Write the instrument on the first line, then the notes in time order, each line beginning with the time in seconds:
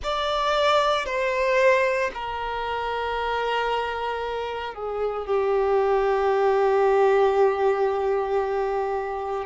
violin
0.02 D5
1.05 C5
2.13 A#4
4.74 G#4
5.26 G4